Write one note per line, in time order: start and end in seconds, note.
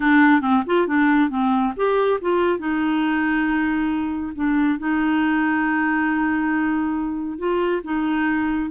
0.00 0.41 D4
0.41 0.63 C4
0.66 0.87 F4
0.87 1.29 D4
1.29 1.73 C4
1.76 2.20 G4
2.21 2.58 F4
2.58 4.32 D#4
4.35 4.78 D4
4.78 7.38 D#4
7.38 7.81 F4
7.83 8.70 D#4